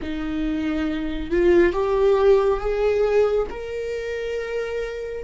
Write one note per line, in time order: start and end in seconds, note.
0.01 1.30 D#4
1.30 1.72 F4
1.72 2.59 G4
2.60 3.47 G#4
3.50 5.24 A#4